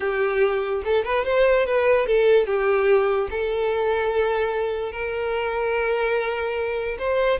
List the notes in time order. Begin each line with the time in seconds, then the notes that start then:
0.00 G4
0.84 A4
1.04 B4
1.24 C5
1.66 B4
2.06 A4
2.46 G4
3.30 A4
4.92 A#4
6.98 C5